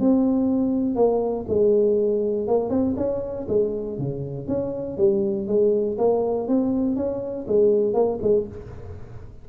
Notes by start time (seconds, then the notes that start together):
0.00 C4
0.96 A#3
1.48 G#3
2.48 A#3
2.70 C4
2.97 C#4
3.48 G#3
3.98 C#3
4.48 C#4
4.97 G3
5.47 G#3
5.98 A#3
6.48 C4
6.96 C#4
7.47 G#3
7.94 A#3
8.22 G#3